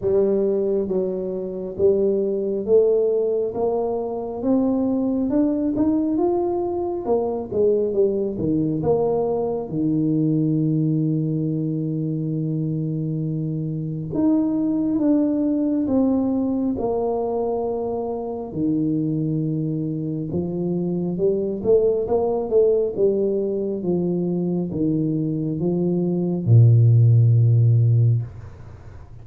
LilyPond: \new Staff \with { instrumentName = "tuba" } { \time 4/4 \tempo 4 = 68 g4 fis4 g4 a4 | ais4 c'4 d'8 dis'8 f'4 | ais8 gis8 g8 dis8 ais4 dis4~ | dis1 |
dis'4 d'4 c'4 ais4~ | ais4 dis2 f4 | g8 a8 ais8 a8 g4 f4 | dis4 f4 ais,2 | }